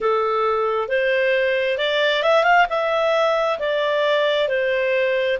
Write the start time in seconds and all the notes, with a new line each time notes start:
0.00 A4
0.88 C5
1.77 D5
2.22 E5
2.43 F5
2.69 E5
3.59 D5
4.48 C5